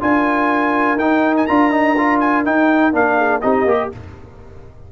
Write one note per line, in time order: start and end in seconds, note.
0.00 0.96 D4
0.00 0.98 F4
0.00 3.17 A#4
0.00 0.98 G#5
0.96 1.44 D#4
0.96 1.48 D#4
0.96 1.35 G5
1.36 1.46 G#5
1.46 2.46 D4
1.46 1.71 F4
1.46 2.19 A#5
1.71 1.95 D#4
1.97 2.44 F4
2.20 2.44 G#5
2.44 2.92 D#4
2.44 2.93 D#4
2.44 2.94 G5
2.92 3.42 A#3
2.92 3.41 D4
2.92 3.41 F5
3.17 3.41 G#4
3.41 3.65 C4
3.41 3.67 D#4
3.41 3.91 G4
3.41 3.90 D#5
3.65 3.90 A#3
3.65 3.92 G4